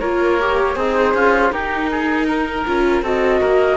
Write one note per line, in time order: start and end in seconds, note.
0.00 0.76 A#3
0.00 0.40 F4
0.00 0.76 A#4
0.00 0.76 C#5
0.40 0.75 G4
0.75 1.14 C4
0.75 1.15 D#4
0.75 1.51 G#4
0.75 1.52 C5
1.14 1.52 C#4
1.14 1.53 F4
1.51 2.65 D#4
1.51 2.66 D#4
1.51 1.91 G4
1.51 3.04 A#4
1.91 2.27 G#4
2.27 3.03 A#4
2.66 3.02 C#4
2.66 3.04 F4
3.02 3.40 C4
3.02 3.77 F#4
3.02 3.40 A4
3.02 3.77 D#5
3.40 3.77 A#3
3.40 3.77 A#4